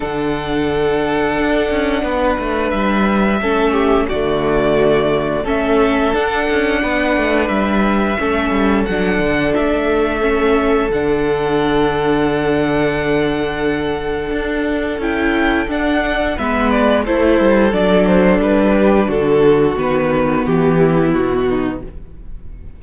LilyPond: <<
  \new Staff \with { instrumentName = "violin" } { \time 4/4 \tempo 4 = 88 fis''1 | e''2 d''2 | e''4 fis''2 e''4~ | e''4 fis''4 e''2 |
fis''1~ | fis''2 g''4 fis''4 | e''8 d''8 c''4 d''8 c''8 b'4 | a'4 b'4 g'4 fis'4 | }
  \new Staff \with { instrumentName = "violin" } { \time 4/4 a'2. b'4~ | b'4 a'8 g'8 fis'2 | a'2 b'2 | a'1~ |
a'1~ | a'1 | b'4 a'2~ a'8 g'8 | fis'2~ fis'8 e'4 dis'8 | }
  \new Staff \with { instrumentName = "viola" } { \time 4/4 d'1~ | d'4 cis'4 a2 | cis'4 d'2. | cis'4 d'2 cis'4 |
d'1~ | d'2 e'4 d'4 | b4 e'4 d'2~ | d'4 b2. | }
  \new Staff \with { instrumentName = "cello" } { \time 4/4 d2 d'8 cis'8 b8 a8 | g4 a4 d2 | a4 d'8 cis'8 b8 a8 g4 | a8 g8 fis8 d8 a2 |
d1~ | d4 d'4 cis'4 d'4 | gis4 a8 g8 fis4 g4 | d4 dis4 e4 b,4 | }
>>